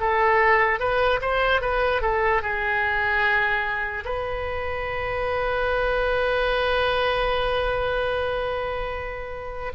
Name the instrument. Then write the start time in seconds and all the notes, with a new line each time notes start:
oboe
0.00 A4
0.80 B4
1.21 C5
1.61 B4
2.02 A4
2.42 G#4
4.05 B4